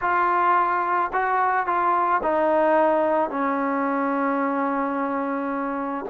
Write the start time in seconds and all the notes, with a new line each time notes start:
0.01 F4
1.12 F#4
1.66 F4
2.22 D#4
3.30 C#4